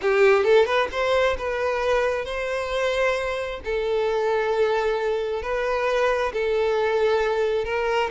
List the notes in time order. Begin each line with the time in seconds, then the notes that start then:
0.01 G4
0.44 A4
0.65 B4
0.91 C5
1.38 B4
2.25 C5
3.64 A4
5.42 B4
6.33 A4
7.64 A#4